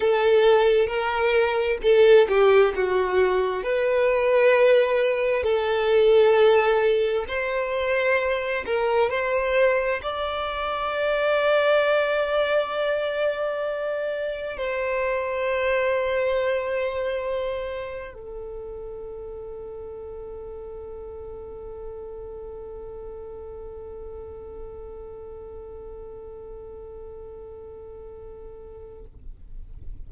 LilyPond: \new Staff \with { instrumentName = "violin" } { \time 4/4 \tempo 4 = 66 a'4 ais'4 a'8 g'8 fis'4 | b'2 a'2 | c''4. ais'8 c''4 d''4~ | d''1 |
c''1 | a'1~ | a'1~ | a'1 | }